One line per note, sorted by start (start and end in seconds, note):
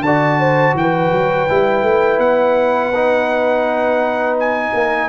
0.00 0.72 D3
0.00 1.48 F#4
0.00 0.40 D5
0.00 0.75 A5
0.40 0.76 C5
0.74 1.10 E3
0.74 4.73 B4
0.74 2.19 G5
1.12 1.48 F#3
1.48 1.82 G3
1.48 2.93 E4
1.82 2.18 A3
2.18 4.71 B3
2.18 4.36 F#5
2.95 5.09 D#4
4.39 5.09 G#5
4.73 5.09 A#3
4.73 5.09 A#4